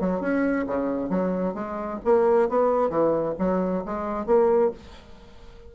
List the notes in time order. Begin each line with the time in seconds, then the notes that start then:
0.00 F#3
0.21 C#4
0.67 C#3
1.09 F#3
1.54 G#3
2.04 A#3
2.49 B3
2.90 E3
3.39 F#3
3.85 G#3
4.26 A#3